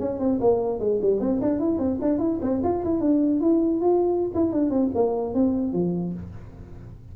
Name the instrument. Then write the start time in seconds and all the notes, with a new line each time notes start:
tuba
0.00 C#4
0.20 C4
0.40 A#3
0.80 G#3
1.02 G3
1.20 C4
1.42 D4
1.59 E4
1.79 C4
2.01 D4
2.19 E4
2.42 C4
2.64 F4
2.84 E4
3.01 D4
3.41 E4
3.81 F4
4.35 E4
4.53 D4
4.70 C4
4.95 A#3
5.34 C4
5.73 F3